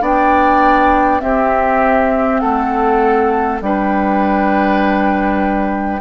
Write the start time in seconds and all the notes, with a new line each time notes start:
0.00 B3 D4 D5 G5
1.19 C4 G4 E5
2.39 A3 A4 F#5
3.61 G3 D4 B4 G5